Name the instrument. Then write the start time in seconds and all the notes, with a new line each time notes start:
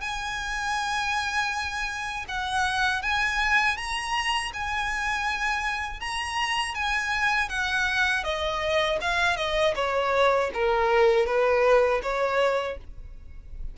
violin
0.00 G#5
2.28 F#5
3.02 G#5
3.77 A#5
4.53 G#5
6.00 A#5
6.74 G#5
7.49 F#5
8.24 D#5
9.01 F5
9.36 D#5
9.75 C#5
10.53 A#4
11.26 B4
12.02 C#5